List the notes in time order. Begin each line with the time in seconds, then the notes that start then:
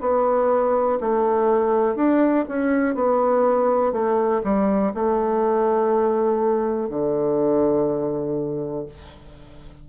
0.00 B3
1.00 A3
1.95 D4
2.48 C#4
2.95 B3
3.92 A3
4.44 G3
4.94 A3
6.89 D3